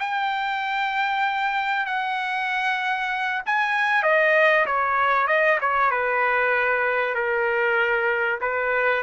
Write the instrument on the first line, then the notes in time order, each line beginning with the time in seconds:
trumpet
0.00 G5
1.86 F#5
3.46 G#5
4.03 D#5
4.66 C#5
5.28 D#5
5.61 C#5
5.91 B4
7.15 A#4
8.41 B4